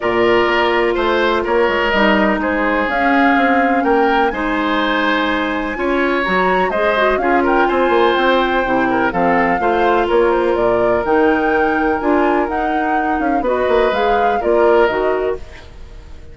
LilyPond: <<
  \new Staff \with { instrumentName = "flute" } { \time 4/4 \tempo 4 = 125 d''2 c''4 cis''4 | dis''4 c''4 f''2 | g''4 gis''2.~ | gis''4 ais''4 dis''4 f''8 g''8 |
gis''4 g''2 f''4~ | f''4 cis''8 c''8 d''4 g''4~ | g''4 gis''4 fis''4. f''8 | dis''4 f''4 d''4 dis''4 | }
  \new Staff \with { instrumentName = "oboe" } { \time 4/4 ais'2 c''4 ais'4~ | ais'4 gis'2. | ais'4 c''2. | cis''2 c''4 gis'8 ais'8 |
c''2~ c''8 ais'8 a'4 | c''4 ais'2.~ | ais'1 | b'2 ais'2 | }
  \new Staff \with { instrumentName = "clarinet" } { \time 4/4 f'1 | dis'2 cis'2~ | cis'4 dis'2. | f'4 fis'4 gis'8 fis'8 f'4~ |
f'2 e'4 c'4 | f'2. dis'4~ | dis'4 f'4 dis'2 | fis'4 gis'4 f'4 fis'4 | }
  \new Staff \with { instrumentName = "bassoon" } { \time 4/4 ais,4 ais4 a4 ais8 gis8 | g4 gis4 cis'4 c'4 | ais4 gis2. | cis'4 fis4 gis4 cis'4 |
c'8 ais8 c'4 c4 f4 | a4 ais4 ais,4 dis4~ | dis4 d'4 dis'4. cis'8 | b8 ais8 gis4 ais4 dis4 | }
>>